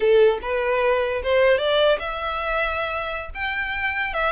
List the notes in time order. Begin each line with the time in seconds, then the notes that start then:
0.00 A4
0.42 B4
1.23 C5
1.58 D5
1.99 E5
3.34 G5
4.13 E5